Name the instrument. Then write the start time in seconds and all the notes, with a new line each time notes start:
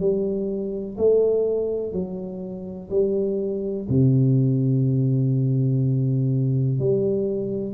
tuba
0.00 G3
0.98 A3
1.93 F#3
2.90 G3
3.89 C3
6.80 G3